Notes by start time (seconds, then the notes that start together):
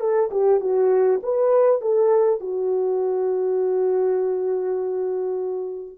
0.00 A4
0.31 G4
0.61 F#4
1.23 B4
1.81 A4
2.41 F#4